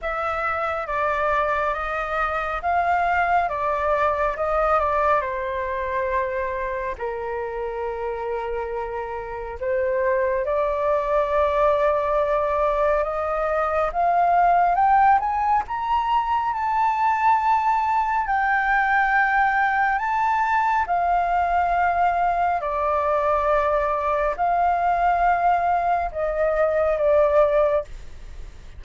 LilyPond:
\new Staff \with { instrumentName = "flute" } { \time 4/4 \tempo 4 = 69 e''4 d''4 dis''4 f''4 | d''4 dis''8 d''8 c''2 | ais'2. c''4 | d''2. dis''4 |
f''4 g''8 gis''8 ais''4 a''4~ | a''4 g''2 a''4 | f''2 d''2 | f''2 dis''4 d''4 | }